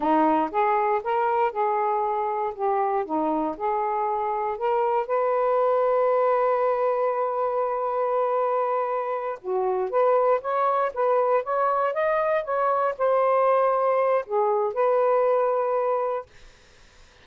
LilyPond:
\new Staff \with { instrumentName = "saxophone" } { \time 4/4 \tempo 4 = 118 dis'4 gis'4 ais'4 gis'4~ | gis'4 g'4 dis'4 gis'4~ | gis'4 ais'4 b'2~ | b'1~ |
b'2~ b'8 fis'4 b'8~ | b'8 cis''4 b'4 cis''4 dis''8~ | dis''8 cis''4 c''2~ c''8 | gis'4 b'2. | }